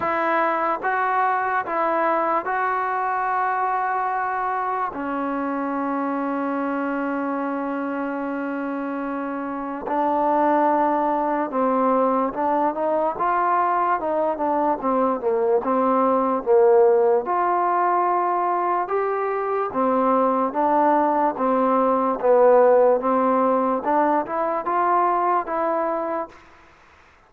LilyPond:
\new Staff \with { instrumentName = "trombone" } { \time 4/4 \tempo 4 = 73 e'4 fis'4 e'4 fis'4~ | fis'2 cis'2~ | cis'1 | d'2 c'4 d'8 dis'8 |
f'4 dis'8 d'8 c'8 ais8 c'4 | ais4 f'2 g'4 | c'4 d'4 c'4 b4 | c'4 d'8 e'8 f'4 e'4 | }